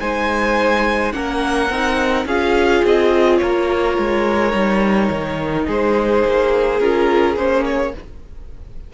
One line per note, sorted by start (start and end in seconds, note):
0.00 1.13 G#3
0.00 1.12 D#4
0.00 1.13 C5
0.00 1.12 G#5
1.12 1.69 A#3
1.12 1.69 C#4
1.12 2.26 A#4
1.12 2.25 F#5
1.69 2.25 C4
1.69 2.28 D#4
2.25 2.81 C#4
2.25 4.51 F4
2.25 3.39 G#4
2.25 2.84 F5
2.83 3.40 C4
2.83 3.37 D#5
3.37 3.98 A#3
3.37 5.66 A#4
3.37 5.63 C#5
3.98 4.53 G#3
4.51 5.09 G3
4.51 6.78 D#4
5.10 5.67 D#3
5.66 6.24 G#3
5.66 7.92 G#4
5.66 6.79 C5
6.25 6.80 A#3
6.79 7.36 C#4
6.79 7.37 F4
6.79 7.36 A#4
7.36 7.93 A#3
7.36 7.93 C#4
7.36 7.64 C5
7.65 7.93 C#5